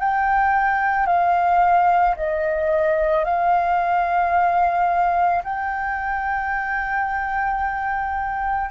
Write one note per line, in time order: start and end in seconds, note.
0.00 1.06 G5
1.06 2.15 F5
2.16 3.24 D#5
3.24 5.42 F5
5.43 8.70 G5